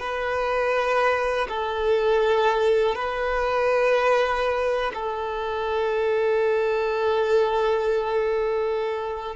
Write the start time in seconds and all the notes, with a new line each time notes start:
0.00 B4
1.49 A4
2.95 B4
4.94 A4